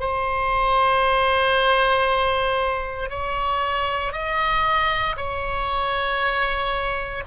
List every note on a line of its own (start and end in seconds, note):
0.00 3.09 C5
3.09 4.12 C#5
4.12 5.16 D#5
5.16 7.23 C#5